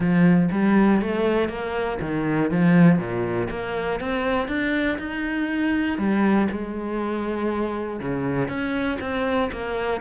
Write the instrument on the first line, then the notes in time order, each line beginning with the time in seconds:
cello
0.00 F3
0.51 G3
1.01 A3
1.48 A#3
2.00 D#3
2.50 F3
2.98 A#2
3.50 A#3
4.00 C4
4.47 D4
4.98 D#4
5.97 G3
6.51 G#3
8.00 C#3
8.48 C#4
9.00 C4
9.52 A#3